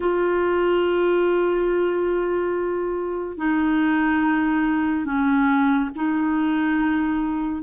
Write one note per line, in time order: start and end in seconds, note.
0.00 3.36 F4
3.36 5.05 D#4
5.05 5.89 C#4
5.95 7.62 D#4